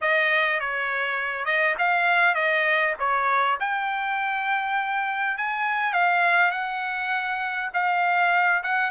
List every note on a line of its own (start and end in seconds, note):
0.01 0.59 D#5
0.59 1.45 C#5
1.45 1.75 D#5
1.78 2.35 F5
2.35 2.94 D#5
2.99 3.58 C#5
3.59 5.37 G5
5.37 5.93 G#5
5.93 6.51 F5
6.51 7.70 F#5
7.73 8.62 F5
8.63 8.90 F#5